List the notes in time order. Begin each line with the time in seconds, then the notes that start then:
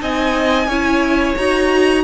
0.00 C4 D#4 D#5 G#5
0.67 C#4 E4 C#5
1.37 D#4 F#4 A#5